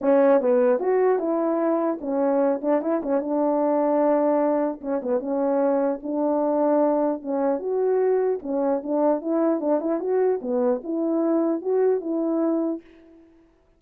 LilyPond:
\new Staff \with { instrumentName = "horn" } { \time 4/4 \tempo 4 = 150 cis'4 b4 fis'4 e'4~ | e'4 cis'4. d'8 e'8 cis'8 | d'1 | cis'8 b8 cis'2 d'4~ |
d'2 cis'4 fis'4~ | fis'4 cis'4 d'4 e'4 | d'8 e'8 fis'4 b4 e'4~ | e'4 fis'4 e'2 | }